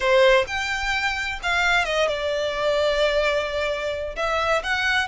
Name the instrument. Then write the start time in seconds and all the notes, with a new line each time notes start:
violin
0.00 C5
0.47 G5
1.42 F5
1.84 D#5
2.07 D5
4.16 E5
4.63 F#5